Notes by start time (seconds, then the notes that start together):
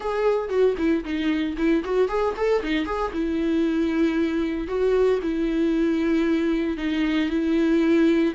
0.00 G#4
0.49 F#4
0.77 E4
1.04 D#4
1.57 E4
1.84 F#4
2.08 G#4
2.36 A4
2.63 D#4
2.85 G#4
3.13 E4
4.67 F#4
5.22 E4
6.77 D#4
7.29 E4